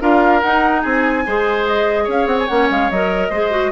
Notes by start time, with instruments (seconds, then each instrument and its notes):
0.00 bassoon D4, clarinet F4, oboe A#4, flute F5
0.41 bassoon D#4, clarinet D#4, flute F#5
0.82 bassoon C4, oboe G#4, flute G#5
1.26 bassoon G#3, clarinet G#4, oboe C5
1.66 flute D#5
2.04 bassoon C#4, oboe C#5
2.11 flute F5
2.26 bassoon C4, flute F#5
2.38 flute G#5
2.48 bassoon A#3, clarinet C#4, flute F#5
2.70 bassoon G#3, flute F5
2.91 bassoon F#3, clarinet A#4, flute D#5
3.30 bassoon G#3, clarinet G#4, oboe C5
3.51 clarinet F#4